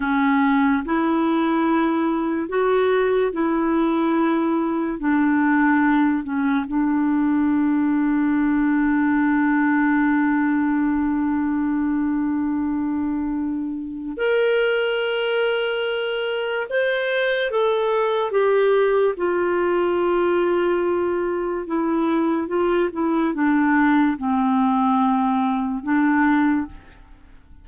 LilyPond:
\new Staff \with { instrumentName = "clarinet" } { \time 4/4 \tempo 4 = 72 cis'4 e'2 fis'4 | e'2 d'4. cis'8 | d'1~ | d'1~ |
d'4 ais'2. | c''4 a'4 g'4 f'4~ | f'2 e'4 f'8 e'8 | d'4 c'2 d'4 | }